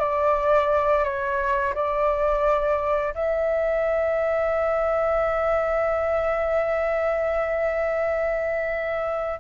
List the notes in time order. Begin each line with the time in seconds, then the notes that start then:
0.00 D5
1.04 C#5
1.75 D5
3.15 E5